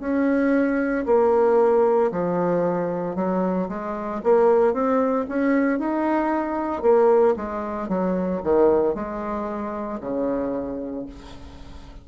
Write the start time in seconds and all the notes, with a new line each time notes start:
0.00 C#4
1.06 A#3
2.11 F3
3.15 F#3
3.69 G#3
4.23 A#3
4.73 C4
5.28 C#4
5.79 D#4
6.82 A#3
7.36 G#3
7.89 F#3
8.43 D#3
8.95 G#3
10.00 C#3